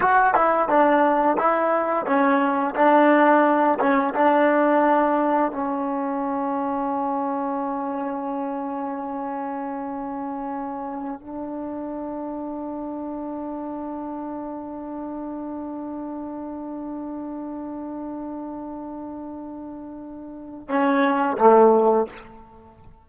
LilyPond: \new Staff \with { instrumentName = "trombone" } { \time 4/4 \tempo 4 = 87 fis'8 e'8 d'4 e'4 cis'4 | d'4. cis'8 d'2 | cis'1~ | cis'1~ |
cis'16 d'2.~ d'8.~ | d'1~ | d'1~ | d'2 cis'4 a4 | }